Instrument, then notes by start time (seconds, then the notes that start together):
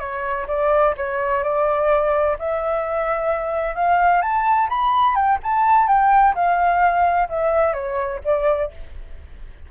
flute
0.00 C#5
0.48 D5
0.97 C#5
1.44 D5
2.39 E5
3.75 F5
4.22 A5
4.70 B5
5.16 G5
5.44 A5
5.88 G5
6.35 F5
7.30 E5
7.74 C#5
8.25 D5